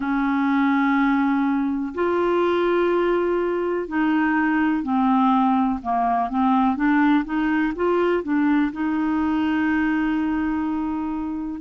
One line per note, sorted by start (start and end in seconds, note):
0.00 1.93 C#4
1.94 3.88 F4
3.88 4.83 D#4
4.83 5.79 C4
5.82 6.29 A#3
6.29 6.76 C4
6.76 7.24 D4
7.24 7.73 D#4
7.75 8.23 F4
8.23 8.71 D4
8.72 11.60 D#4